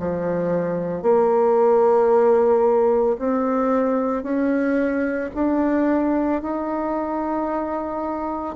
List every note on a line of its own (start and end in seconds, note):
0.00 1.03 F3
1.03 3.17 A#3
3.19 4.24 C4
4.24 5.31 C#4
5.35 6.42 D4
6.42 8.56 D#4